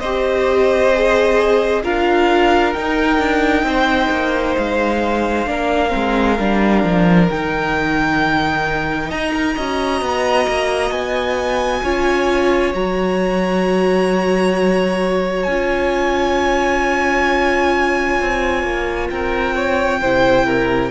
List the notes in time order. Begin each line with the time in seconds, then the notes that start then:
0.00 C4 G4 C5 D#5
0.95 G#4
1.84 D4 F4 A#4 F5
2.73 D#4 G5
3.19 D4
3.63 C4 C5
4.10 A#3
4.57 G#3 F5
5.47 A#3 D4 A#4
5.89 C4
5.96 G#3
6.39 G3 D4
6.84 F3
7.30 D#3 D#4 G5
9.09 D#4 D#5 A#5
9.34 A#4
9.56 C#4 F#4 D#5
10.02 B3
10.48 A#3
10.91 B3 G#5
11.83 C#4 F4 C#5
12.74 F#3 F#4 A#5
15.44 C#4 G#5
15.50 F4
18.21 C4
18.64 A#3
19.11 C4 A#4 G5
19.55 C#5
20.01 C3 E4 C5
20.46 A#4